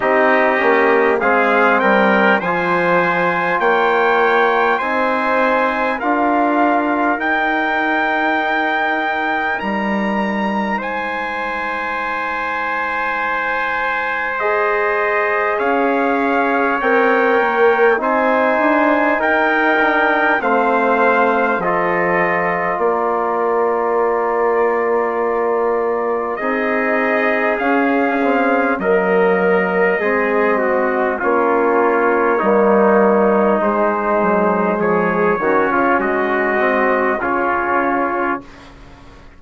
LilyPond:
<<
  \new Staff \with { instrumentName = "trumpet" } { \time 4/4 \tempo 4 = 50 dis''4 f''8 g''8 gis''4 g''4 | gis''4 f''4 g''2 | ais''4 gis''2. | dis''4 f''4 g''4 gis''4 |
g''4 f''4 dis''4 d''4~ | d''2 dis''4 f''4 | dis''2 cis''2 | c''4 cis''4 dis''4 cis''4 | }
  \new Staff \with { instrumentName = "trumpet" } { \time 4/4 g'4 gis'8 ais'8 c''4 cis''4 | c''4 ais'2.~ | ais'4 c''2.~ | c''4 cis''2 c''4 |
ais'4 c''4 a'4 ais'4~ | ais'2 gis'2 | ais'4 gis'8 fis'8 f'4 dis'4~ | dis'4 gis'8 fis'16 f'16 fis'4 f'4 | }
  \new Staff \with { instrumentName = "trombone" } { \time 4/4 dis'8 cis'8 c'4 f'2 | dis'4 f'4 dis'2~ | dis'1 | gis'2 ais'4 dis'4~ |
dis'8 d'8 c'4 f'2~ | f'2 dis'4 cis'8 c'8 | ais4 c'4 cis'4 ais4 | gis4. cis'4 c'8 cis'4 | }
  \new Staff \with { instrumentName = "bassoon" } { \time 4/4 c'8 ais8 gis8 g8 f4 ais4 | c'4 d'4 dis'2 | g4 gis2.~ | gis4 cis'4 c'8 ais8 c'8 d'8 |
dis'4 a4 f4 ais4~ | ais2 c'4 cis'4 | fis4 gis4 ais4 g4 | gis8 fis8 f8 dis16 cis16 gis4 cis4 | }
>>